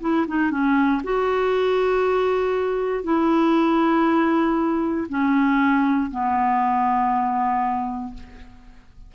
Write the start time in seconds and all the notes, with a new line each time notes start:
0.00 E4
0.27 D#4
0.50 C#4
1.03 F#4
3.03 E4
5.08 C#4
6.10 B3